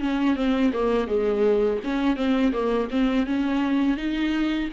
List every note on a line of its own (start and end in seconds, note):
0.00 0.36 C#4
0.36 0.72 C4
0.73 1.08 A#3
1.08 1.80 G#3
1.84 2.16 C#4
2.16 2.52 C4
2.53 2.89 A#3
2.91 3.26 C4
3.26 3.97 C#4
3.97 4.70 D#4